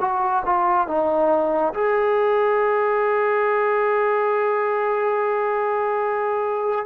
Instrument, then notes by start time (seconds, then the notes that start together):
trombone
0.00 F#4
0.45 F4
0.87 D#4
1.73 G#4